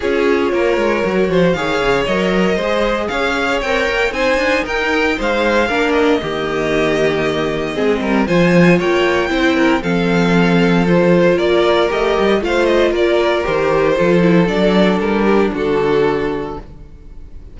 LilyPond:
<<
  \new Staff \with { instrumentName = "violin" } { \time 4/4 \tempo 4 = 116 cis''2. f''4 | dis''2 f''4 g''4 | gis''4 g''4 f''4. dis''8~ | dis''1 |
gis''4 g''2 f''4~ | f''4 c''4 d''4 dis''4 | f''8 dis''8 d''4 c''2 | d''4 ais'4 a'2 | }
  \new Staff \with { instrumentName = "violin" } { \time 4/4 gis'4 ais'4. c''8 cis''4~ | cis''4 c''4 cis''2 | c''4 ais'4 c''4 ais'4 | g'2. gis'8 ais'8 |
c''4 cis''4 c''8 ais'8 a'4~ | a'2 ais'2 | c''4 ais'2 a'4~ | a'4. g'8 fis'2 | }
  \new Staff \with { instrumentName = "viola" } { \time 4/4 f'2 fis'4 gis'4 | ais'4 gis'2 ais'4 | dis'2. d'4 | ais2. c'4 |
f'2 e'4 c'4~ | c'4 f'2 g'4 | f'2 g'4 f'8 e'8 | d'1 | }
  \new Staff \with { instrumentName = "cello" } { \time 4/4 cis'4 ais8 gis8 fis8 f8 dis8 cis8 | fis4 gis4 cis'4 c'8 ais8 | c'8 d'8 dis'4 gis4 ais4 | dis2. gis8 g8 |
f4 ais4 c'4 f4~ | f2 ais4 a8 g8 | a4 ais4 dis4 f4 | fis4 g4 d2 | }
>>